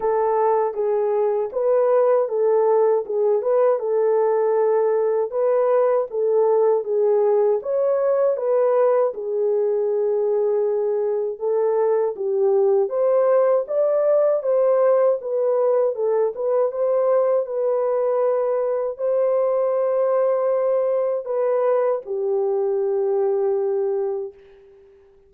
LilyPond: \new Staff \with { instrumentName = "horn" } { \time 4/4 \tempo 4 = 79 a'4 gis'4 b'4 a'4 | gis'8 b'8 a'2 b'4 | a'4 gis'4 cis''4 b'4 | gis'2. a'4 |
g'4 c''4 d''4 c''4 | b'4 a'8 b'8 c''4 b'4~ | b'4 c''2. | b'4 g'2. | }